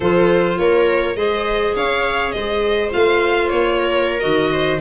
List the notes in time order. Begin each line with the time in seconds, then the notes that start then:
0.00 F3 F4 A4 C5
0.58 A#3 A#4 C#5
1.15 G#3 G#4 C5 D#5
1.75 C#4 C#5 F5
2.31 G#3 C5 D#5
2.90 A3 F4 F5
3.48 A#3 C#5
3.78 A#4
4.20 D#3 F#4 D#5
4.52 C5